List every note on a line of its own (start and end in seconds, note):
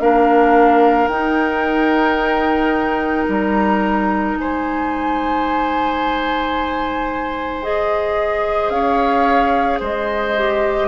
0.00 1.08 A#3
0.00 1.10 D4
0.00 4.38 A#4
0.00 1.08 F5
1.08 3.26 D#4
1.08 7.63 D#4
1.08 3.26 G5
3.28 4.35 G3
3.28 4.38 A#5
4.35 8.70 G#3
4.35 8.74 C5
4.35 7.63 G#5
7.63 10.36 G#4
7.63 8.70 D#5
8.70 9.79 C#4
8.70 9.80 C#5
8.70 9.79 F5
9.80 10.88 G#3
9.80 10.88 C5
9.80 10.88 D#5
10.37 10.88 G4